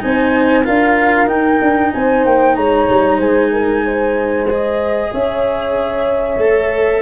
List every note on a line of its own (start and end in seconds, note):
0.00 0.67 C4
0.00 0.64 D#4
0.00 0.64 C5
0.00 0.65 G#5
0.64 1.27 D4
0.64 1.27 F4
0.64 1.92 A#4
0.64 1.28 F5
1.27 4.46 D#4
1.27 1.59 D#4
1.27 1.92 G5
1.61 1.93 D4
1.93 2.26 C4
1.93 2.56 C5
1.93 2.25 G#5
2.25 2.57 A#3
2.25 2.56 G5
2.56 2.88 G#3
2.56 3.18 C#5
2.56 3.19 A#5
2.90 3.19 G3
3.18 5.10 G#3
3.18 3.49 C5
3.18 4.48 G#5
3.52 3.84 A#4
3.85 5.12 C5
4.49 6.41 G#4
4.49 5.13 D#5
5.12 6.38 C#4
5.12 7.02 C#5
5.12 7.02 E5
6.38 7.01 A3
6.38 7.02 A4